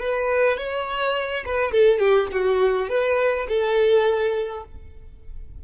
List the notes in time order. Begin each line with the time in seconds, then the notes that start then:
0.00 B4
0.58 C#5
1.46 B4
1.72 A4
1.99 G4
2.32 F#4
2.90 B4
3.49 A4